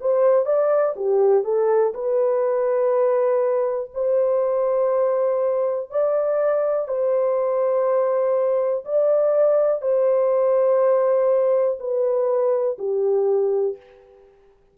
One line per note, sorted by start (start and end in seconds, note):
0.00 0.45 C5
0.45 0.94 D5
0.96 1.44 G4
1.44 1.93 A4
1.94 3.91 B4
3.94 5.90 C5
5.90 6.88 D5
6.88 8.84 C5
8.85 9.81 D5
9.81 11.78 C5
11.79 12.77 B4
12.78 13.77 G4